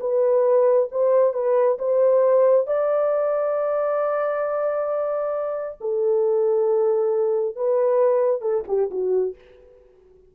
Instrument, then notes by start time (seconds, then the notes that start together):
horn
0.00 B4
0.91 C5
1.33 B4
1.78 C5
2.67 D5
5.80 A4
7.56 B4
8.41 A4
8.68 G4
8.90 F#4